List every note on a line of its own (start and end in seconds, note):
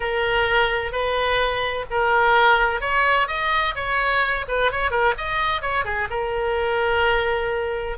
0.00 0.92 A#4
0.92 1.85 B4
1.90 2.80 A#4
2.80 3.27 C#5
3.27 3.74 D#5
3.75 4.45 C#5
4.48 4.71 B4
4.71 4.90 C#5
4.90 5.14 A#4
5.17 5.61 D#5
5.61 5.84 C#5
5.84 6.08 G#4
6.10 7.97 A#4